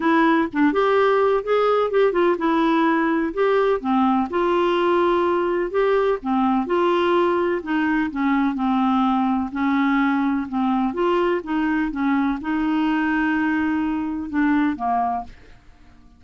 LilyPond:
\new Staff \with { instrumentName = "clarinet" } { \time 4/4 \tempo 4 = 126 e'4 d'8 g'4. gis'4 | g'8 f'8 e'2 g'4 | c'4 f'2. | g'4 c'4 f'2 |
dis'4 cis'4 c'2 | cis'2 c'4 f'4 | dis'4 cis'4 dis'2~ | dis'2 d'4 ais4 | }